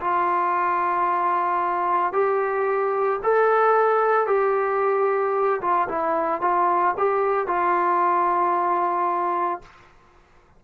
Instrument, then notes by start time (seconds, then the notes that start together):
trombone
0.00 F4
2.13 G4
3.23 A4
4.27 G4
5.61 F4
5.88 E4
6.41 F4
6.97 G4
7.47 F4